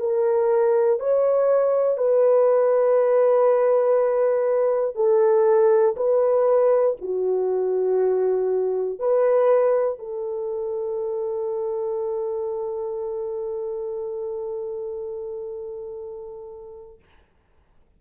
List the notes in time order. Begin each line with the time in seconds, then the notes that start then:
0.00 A#4
1.00 C#5
1.98 B4
4.95 A4
5.97 B4
7.01 F#4
9.00 B4
9.99 A4